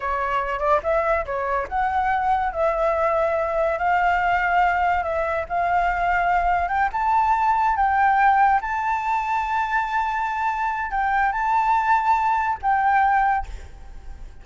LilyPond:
\new Staff \with { instrumentName = "flute" } { \time 4/4 \tempo 4 = 143 cis''4. d''8 e''4 cis''4 | fis''2 e''2~ | e''4 f''2. | e''4 f''2. |
g''8 a''2 g''4.~ | g''8 a''2.~ a''8~ | a''2 g''4 a''4~ | a''2 g''2 | }